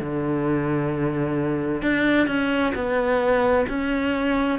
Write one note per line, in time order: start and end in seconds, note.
0.00 1.82 D3
1.82 2.27 D4
2.27 2.73 C#4
2.75 3.66 B3
3.69 4.59 C#4